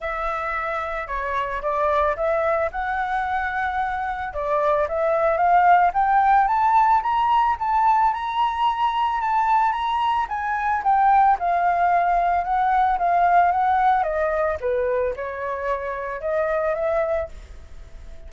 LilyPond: \new Staff \with { instrumentName = "flute" } { \time 4/4 \tempo 4 = 111 e''2 cis''4 d''4 | e''4 fis''2. | d''4 e''4 f''4 g''4 | a''4 ais''4 a''4 ais''4~ |
ais''4 a''4 ais''4 gis''4 | g''4 f''2 fis''4 | f''4 fis''4 dis''4 b'4 | cis''2 dis''4 e''4 | }